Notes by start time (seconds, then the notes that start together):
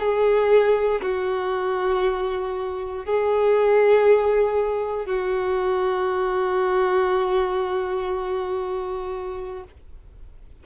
0.00 G#4
1.02 F#4
3.06 G#4
5.07 F#4